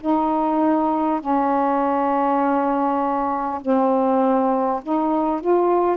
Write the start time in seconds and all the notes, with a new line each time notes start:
0.00 D#4
1.20 C#4
3.61 C4
4.82 D#4
5.40 F4